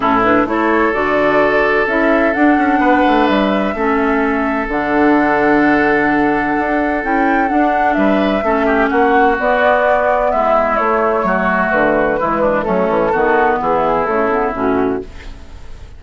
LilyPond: <<
  \new Staff \with { instrumentName = "flute" } { \time 4/4 \tempo 4 = 128 a'8 b'8 cis''4 d''2 | e''4 fis''2 e''4~ | e''2 fis''2~ | fis''2. g''4 |
fis''4 e''2 fis''4 | d''2 e''4 cis''4~ | cis''4 b'2 a'4~ | a'4 gis'4 a'4 fis'4 | }
  \new Staff \with { instrumentName = "oboe" } { \time 4/4 e'4 a'2.~ | a'2 b'2 | a'1~ | a'1~ |
a'4 b'4 a'8 g'8 fis'4~ | fis'2 e'2 | fis'2 e'8 d'8 cis'4 | fis'4 e'2. | }
  \new Staff \with { instrumentName = "clarinet" } { \time 4/4 cis'8 d'8 e'4 fis'2 | e'4 d'2. | cis'2 d'2~ | d'2. e'4 |
d'2 cis'2 | b2. a4~ | a2 gis4 a4 | b2 a8 b8 cis'4 | }
  \new Staff \with { instrumentName = "bassoon" } { \time 4/4 a,4 a4 d2 | cis'4 d'8 cis'8 b8 a8 g4 | a2 d2~ | d2 d'4 cis'4 |
d'4 g4 a4 ais4 | b2 gis4 a4 | fis4 d4 e4 fis8 e8 | dis4 e4 cis4 a,4 | }
>>